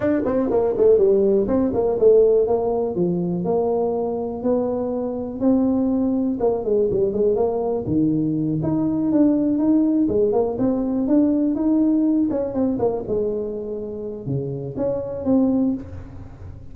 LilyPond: \new Staff \with { instrumentName = "tuba" } { \time 4/4 \tempo 4 = 122 d'8 c'8 ais8 a8 g4 c'8 ais8 | a4 ais4 f4 ais4~ | ais4 b2 c'4~ | c'4 ais8 gis8 g8 gis8 ais4 |
dis4. dis'4 d'4 dis'8~ | dis'8 gis8 ais8 c'4 d'4 dis'8~ | dis'4 cis'8 c'8 ais8 gis4.~ | gis4 cis4 cis'4 c'4 | }